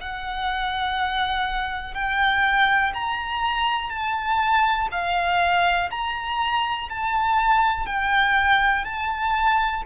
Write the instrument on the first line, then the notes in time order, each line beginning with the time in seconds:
violin
0.00 F#5
1.94 G5
2.93 A#5
3.89 A5
4.91 F5
5.90 A#5
6.89 A5
7.86 G5
8.84 A5